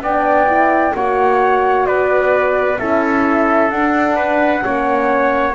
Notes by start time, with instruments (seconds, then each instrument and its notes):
0.00 double bass B3, horn D4, trumpet D5, flute G5
0.46 horn E4
0.94 double bass A#3, horn F#4, trumpet C#5, flute F#5
1.85 double bass B3, trumpet B4, flute D5
2.77 double bass C#4, horn E4, trumpet A4, flute E5
3.70 double bass D4, horn D4, flute F#5
4.16 trumpet B4
4.60 double bass A#3, horn C#4, trumpet C#5